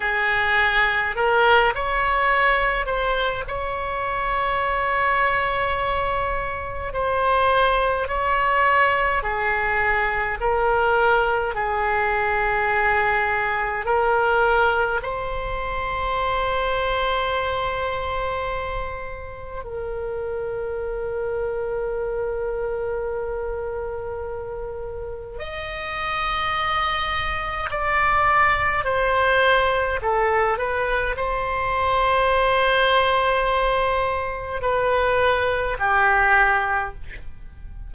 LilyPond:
\new Staff \with { instrumentName = "oboe" } { \time 4/4 \tempo 4 = 52 gis'4 ais'8 cis''4 c''8 cis''4~ | cis''2 c''4 cis''4 | gis'4 ais'4 gis'2 | ais'4 c''2.~ |
c''4 ais'2.~ | ais'2 dis''2 | d''4 c''4 a'8 b'8 c''4~ | c''2 b'4 g'4 | }